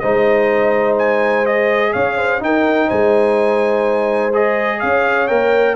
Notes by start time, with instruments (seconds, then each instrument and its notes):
0.00 tuba G#3, trombone D#4, horn C5, trumpet D#5
0.99 trumpet G#5
1.45 trombone G#4, trumpet D#5
1.93 tuba C#4, horn C#5, trumpet F5
2.18 horn C5
2.41 trombone D#4, tuba D#4, horn A#4, trumpet G5
2.88 tuba G#3, horn C5, trumpet G#5
4.34 trombone G#4, trumpet D#5
4.80 tuba C#4, horn C#5, trumpet F5
5.28 tuba A#3, trombone A#4, trumpet G5